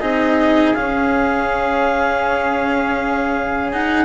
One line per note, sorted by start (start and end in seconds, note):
0.00 0.76 C4
0.00 0.76 D#4
0.00 4.06 G#4
0.00 0.74 D#5
0.74 4.06 C#4
0.74 3.73 C#4
0.74 3.71 F5
3.73 4.06 D#4
3.73 4.06 F#5